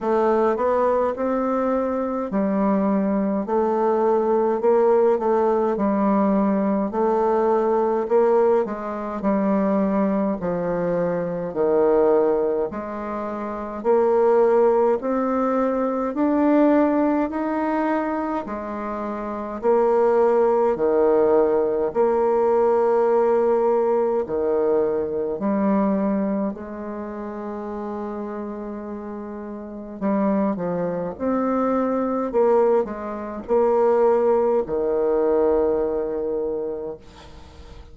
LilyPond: \new Staff \with { instrumentName = "bassoon" } { \time 4/4 \tempo 4 = 52 a8 b8 c'4 g4 a4 | ais8 a8 g4 a4 ais8 gis8 | g4 f4 dis4 gis4 | ais4 c'4 d'4 dis'4 |
gis4 ais4 dis4 ais4~ | ais4 dis4 g4 gis4~ | gis2 g8 f8 c'4 | ais8 gis8 ais4 dis2 | }